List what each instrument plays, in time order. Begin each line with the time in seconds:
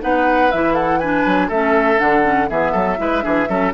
0.00 bassoon B3, clarinet D#4, oboe B4, flute F#5
0.51 bassoon E3, clarinet E4, flute E5
0.73 oboe A4, flute F#5
0.99 clarinet D4, oboe B4, flute G#5
1.25 bassoon F#3
1.48 bassoon A3, clarinet C#4, oboe A4, flute E5
1.97 bassoon D3, clarinet D4, flute F#5
2.23 clarinet C#4
2.49 bassoon E3, clarinet B3, oboe G#4, flute E5
2.71 bassoon F#3, oboe A4
2.97 bassoon G#3, clarinet E4, oboe B4
3.22 bassoon E3, clarinet D4, oboe G#4
3.49 bassoon F#3, clarinet C#4, oboe A4